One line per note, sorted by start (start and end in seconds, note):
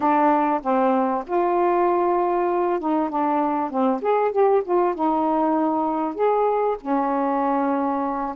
0.00 0.60 D4
0.62 1.24 C4
1.27 2.79 F4
2.79 3.09 D#4
3.09 3.70 D4
3.70 4.01 C4
4.01 4.31 G#4
4.31 4.62 G4
4.64 4.94 F4
4.94 6.14 D#4
6.14 6.76 G#4
6.81 8.35 C#4